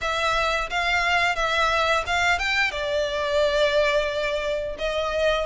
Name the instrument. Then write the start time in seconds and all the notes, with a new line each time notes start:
violin
0.01 E5
0.70 F5
1.35 E5
2.06 F5
2.38 G5
2.71 D5
4.78 D#5